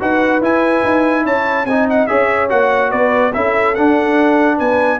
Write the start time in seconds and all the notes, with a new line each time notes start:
0.00 D#4 F#4 B4 F#5
0.41 E4 G#5
0.84 D#4
1.25 C#4 C#5 A5
1.65 C4 D#4 D#5 G#5
1.89 F#5
2.07 C#4 G#4 C#5 E5
2.49 A#3 F#4 F#5
2.90 B3 B4 D5
3.33 C#4 E4 A4 E5
3.75 D4 F#5
4.57 B3 B4 G#5